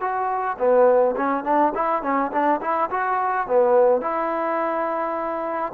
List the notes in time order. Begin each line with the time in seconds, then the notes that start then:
0.00 F#4
0.58 B3
1.16 C#4
1.44 D4
1.75 E4
2.02 C#4
2.31 D4
2.61 E4
2.90 F#4
3.47 B3
4.01 E4